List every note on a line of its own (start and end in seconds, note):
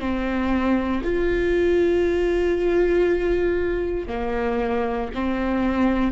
0.00 1.02 C4
1.04 4.07 F4
4.07 5.09 A#3
5.14 6.12 C4